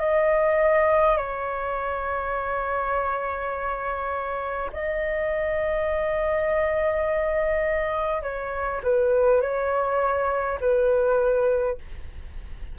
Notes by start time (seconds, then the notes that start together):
0.00 D#5
1.18 C#5
4.73 D#5
8.23 C#5
8.83 B4
9.42 C#5
10.61 B4